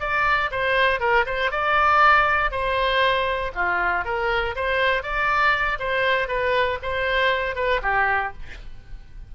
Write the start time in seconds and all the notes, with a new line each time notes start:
0.00 D5
0.52 C5
1.00 A#4
1.26 C5
1.51 D5
2.51 C5
3.55 F4
4.05 A#4
4.56 C5
5.03 D5
5.79 C5
6.28 B4
6.83 C5
7.56 B4
7.82 G4